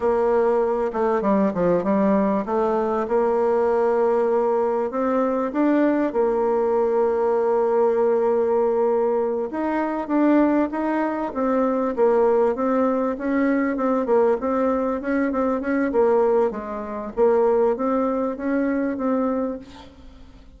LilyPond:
\new Staff \with { instrumentName = "bassoon" } { \time 4/4 \tempo 4 = 98 ais4. a8 g8 f8 g4 | a4 ais2. | c'4 d'4 ais2~ | ais2.~ ais8 dis'8~ |
dis'8 d'4 dis'4 c'4 ais8~ | ais8 c'4 cis'4 c'8 ais8 c'8~ | c'8 cis'8 c'8 cis'8 ais4 gis4 | ais4 c'4 cis'4 c'4 | }